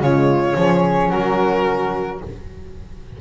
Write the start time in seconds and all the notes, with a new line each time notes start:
0.00 C#3 G#3 F4 C#5
0.56 F3 C#4 G#4
1.09 F#3 F#4 A#4